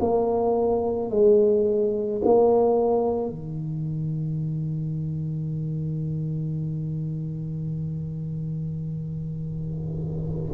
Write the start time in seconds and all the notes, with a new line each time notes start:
0.00 A#3
1.11 G#3
2.25 A#3
3.29 D#3